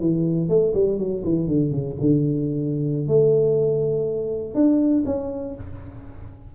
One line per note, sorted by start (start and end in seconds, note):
0.00 0.49 E3
0.49 0.73 A3
0.74 0.99 G3
0.99 1.23 F#3
1.24 1.47 E3
1.47 1.71 D3
1.71 1.96 C#3
2.00 3.07 D3
3.07 4.54 A3
4.54 5.04 D4
5.06 5.55 C#4